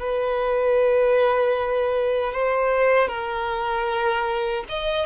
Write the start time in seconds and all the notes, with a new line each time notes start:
0.00 B4
2.33 C5
3.09 A#4
4.69 D#5